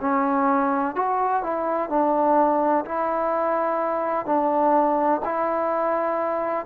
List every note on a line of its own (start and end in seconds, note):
0.00 0.95 C#4
0.95 1.42 F#4
1.43 1.89 E4
1.89 2.84 D4
2.84 4.25 E4
4.25 5.20 D4
5.25 6.65 E4